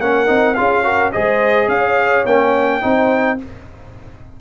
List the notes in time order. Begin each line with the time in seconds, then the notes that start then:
0.00 A#3 C#4 A#4 F#5
0.27 C4 D#4
0.55 C#4 F4 G#4 F5
0.84 F#4 A#4
1.12 G#3 G#4 C5 D#5
1.68 C#4 C#5 F5
2.26 A#3 C#4 G5
2.82 C4 D#4 C5